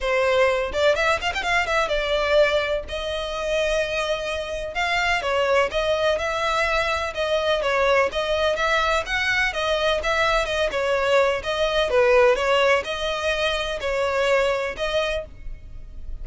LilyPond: \new Staff \with { instrumentName = "violin" } { \time 4/4 \tempo 4 = 126 c''4. d''8 e''8 f''16 g''16 f''8 e''8 | d''2 dis''2~ | dis''2 f''4 cis''4 | dis''4 e''2 dis''4 |
cis''4 dis''4 e''4 fis''4 | dis''4 e''4 dis''8 cis''4. | dis''4 b'4 cis''4 dis''4~ | dis''4 cis''2 dis''4 | }